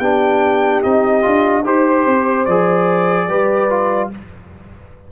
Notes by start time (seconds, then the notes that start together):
0.00 B3 D4 G4 G5
0.83 C4 D#4 D#5
1.22 D4 F4
1.65 D#4 G4 C5
2.06 C4
2.46 F3 G#4 D5
3.29 G3 G4 B4
3.70 F4